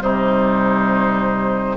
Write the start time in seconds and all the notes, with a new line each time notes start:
0.00 C3 G3 D#4 C5